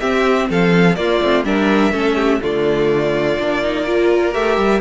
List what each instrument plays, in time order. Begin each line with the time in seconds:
0.00 viola C4, cello C4, violin G4 E5
0.50 cello F3, violin A4 F5
0.96 viola A#3, cello A#3, violin F4 D5
1.22 cello A3, viola C4
1.45 cello G3, viola D4, violin A#4 E5
1.92 cello A3, viola C#4, violin A4
2.16 violin G4
2.41 cello D3, viola A3, violin F4 D5
3.40 cello A#3, viola D4
3.63 viola D#4
3.86 viola F4, violin A#4
4.32 cello A3, viola G4, violin E5
4.58 cello G3